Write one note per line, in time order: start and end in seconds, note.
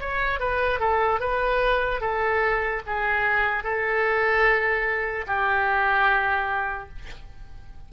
0.00 0.40 C#5
0.40 0.80 B4
0.80 1.20 A4
1.20 2.01 B4
2.01 2.82 A4
2.86 3.64 G#4
3.64 5.26 A4
5.27 6.89 G4